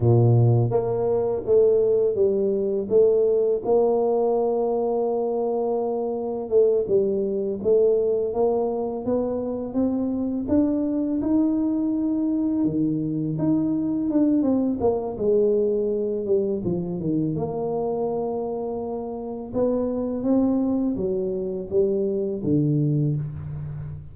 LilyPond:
\new Staff \with { instrumentName = "tuba" } { \time 4/4 \tempo 4 = 83 ais,4 ais4 a4 g4 | a4 ais2.~ | ais4 a8 g4 a4 ais8~ | ais8 b4 c'4 d'4 dis'8~ |
dis'4. dis4 dis'4 d'8 | c'8 ais8 gis4. g8 f8 dis8 | ais2. b4 | c'4 fis4 g4 d4 | }